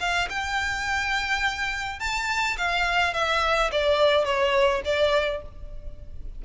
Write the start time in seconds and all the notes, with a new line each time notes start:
0.00 F5
0.30 G5
2.00 A5
2.58 F5
3.14 E5
3.72 D5
4.25 C#5
4.85 D5